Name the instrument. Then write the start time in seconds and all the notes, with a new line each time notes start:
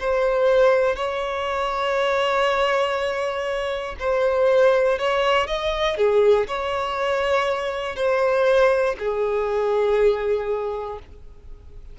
violin
0.00 C5
0.96 C#5
4.00 C5
4.99 C#5
5.48 D#5
5.97 G#4
6.48 C#5
7.96 C5
8.99 G#4